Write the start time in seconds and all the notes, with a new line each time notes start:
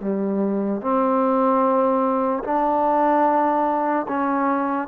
0.00 G3
0.81 C4
2.44 D4
4.08 C#4